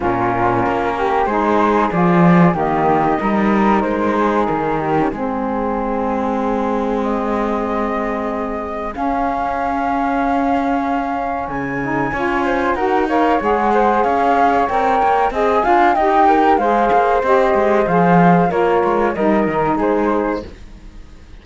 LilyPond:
<<
  \new Staff \with { instrumentName = "flute" } { \time 4/4 \tempo 4 = 94 ais'2 c''4 d''4 | dis''2 c''4 ais'4 | gis'2. dis''4~ | dis''2 f''2~ |
f''2 gis''2 | fis''8 f''8 fis''4 f''4 g''4 | gis''4 g''4 f''4 dis''4 | f''4 cis''4 dis''4 c''4 | }
  \new Staff \with { instrumentName = "flute" } { \time 4/4 f'4. g'8 gis'2 | g'4 ais'4. gis'4 g'8 | gis'1~ | gis'1~ |
gis'2. cis''8 c''8 | ais'8 cis''4 c''8 cis''2 | dis''8 f''8 dis''8 ais'8 c''2~ | c''4 f'4 ais'4 gis'4 | }
  \new Staff \with { instrumentName = "saxophone" } { \time 4/4 cis'2 dis'4 f'4 | ais4 dis'2~ dis'8. cis'16 | c'1~ | c'2 cis'2~ |
cis'2~ cis'8 dis'8 f'4 | fis'8 ais'8 gis'2 ais'4 | gis'8 f'8 g'4 gis'4 g'4 | gis'4 ais'4 dis'2 | }
  \new Staff \with { instrumentName = "cello" } { \time 4/4 ais,4 ais4 gis4 f4 | dis4 g4 gis4 dis4 | gis1~ | gis2 cis'2~ |
cis'2 cis4 cis'4 | dis'4 gis4 cis'4 c'8 ais8 | c'8 d'8 dis'4 gis8 ais8 c'8 gis8 | f4 ais8 gis8 g8 dis8 gis4 | }
>>